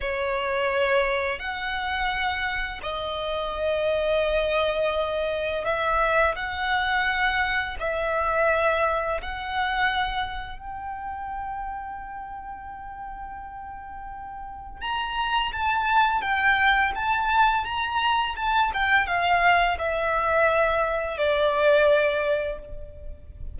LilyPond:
\new Staff \with { instrumentName = "violin" } { \time 4/4 \tempo 4 = 85 cis''2 fis''2 | dis''1 | e''4 fis''2 e''4~ | e''4 fis''2 g''4~ |
g''1~ | g''4 ais''4 a''4 g''4 | a''4 ais''4 a''8 g''8 f''4 | e''2 d''2 | }